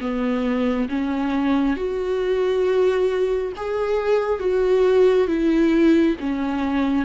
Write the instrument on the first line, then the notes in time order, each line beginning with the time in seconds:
viola
0.00 B3
0.89 C#4
1.76 F#4
3.56 G#4
4.39 F#4
5.27 E4
6.20 C#4